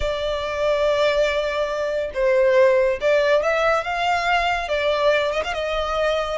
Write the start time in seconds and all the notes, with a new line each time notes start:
0.00 D5
2.14 C5
3.00 D5
3.43 E5
3.84 F5
4.68 D5
5.32 D#5
5.44 F5
5.53 D#5